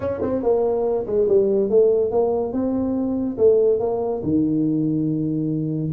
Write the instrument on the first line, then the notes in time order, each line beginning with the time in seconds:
tuba
0.00 C#4
0.21 C4
0.42 A#3
1.06 G#3
1.28 G3
1.69 A3
2.11 A#3
2.52 C4
3.37 A3
3.79 A#3
4.23 D#3